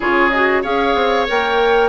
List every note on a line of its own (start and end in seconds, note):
0.00 0.64 C#3
0.00 0.31 F4
0.00 0.62 G#4
0.00 0.30 C#5
0.30 0.63 F#4
0.30 0.62 D#5
0.62 0.95 C#4
0.62 1.27 G#4
0.62 1.89 C#5
0.62 1.27 F5
0.95 1.26 C4
1.27 1.89 A#3
1.27 1.89 A#4
1.27 1.89 G5